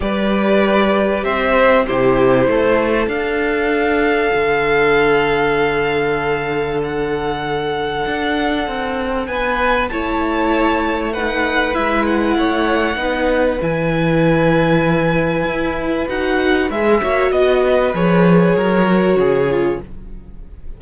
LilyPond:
<<
  \new Staff \with { instrumentName = "violin" } { \time 4/4 \tempo 4 = 97 d''2 e''4 c''4~ | c''4 f''2.~ | f''2. fis''4~ | fis''2. gis''4 |
a''2 fis''4 e''8 fis''8~ | fis''2 gis''2~ | gis''2 fis''4 e''4 | dis''4 cis''2. | }
  \new Staff \with { instrumentName = "violin" } { \time 4/4 b'2 c''4 g'4 | a'1~ | a'1~ | a'2. b'4 |
cis''2 b'2 | cis''4 b'2.~ | b'2.~ b'8 cis''8 | dis''8 b'4. ais'4 gis'4 | }
  \new Staff \with { instrumentName = "viola" } { \time 4/4 g'2. e'4~ | e'4 d'2.~ | d'1~ | d'1 |
e'2 dis'4 e'4~ | e'4 dis'4 e'2~ | e'2 fis'4 gis'8 fis'8~ | fis'4 gis'4. fis'4 f'8 | }
  \new Staff \with { instrumentName = "cello" } { \time 4/4 g2 c'4 c4 | a4 d'2 d4~ | d1~ | d4 d'4 c'4 b4 |
a2. gis4 | a4 b4 e2~ | e4 e'4 dis'4 gis8 ais8 | b4 f4 fis4 cis4 | }
>>